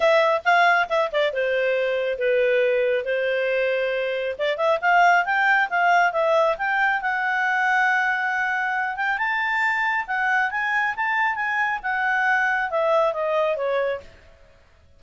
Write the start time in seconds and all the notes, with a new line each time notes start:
0.00 E5
0.45 F5
0.89 E5
1.12 D5
1.33 C5
2.18 B4
3.04 C5
4.38 D5
4.57 E5
4.81 F5
5.25 G5
5.69 F5
6.12 E5
6.57 G5
7.01 F#5
8.96 G5
9.18 A5
10.07 F#5
10.50 G#5
10.95 A5
11.35 G#5
11.82 F#5
12.70 E5
13.13 D#5
13.56 C#5